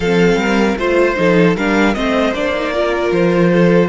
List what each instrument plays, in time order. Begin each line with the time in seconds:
0.00 cello F3, viola C4, violin A4 F5
0.35 cello G3, violin A#4
0.77 cello A3, viola F4, violin C5
1.15 cello F3, viola D#4, violin A4
1.56 cello G3, viola D4, violin A#4 F5
1.94 cello A3, viola C4, violin C5 D#5
2.32 cello A#3, viola D4, violin D5
2.54 viola D#4
2.73 viola F4, violin A#4
3.11 cello F3, violin C5
3.52 violin A4